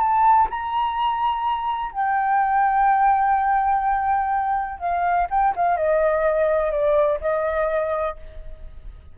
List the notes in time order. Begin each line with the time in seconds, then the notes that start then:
0.00 A5
0.50 A#5
1.92 G5
4.80 F5
5.30 G5
5.56 F5
5.77 D#5
6.72 D5
7.20 D#5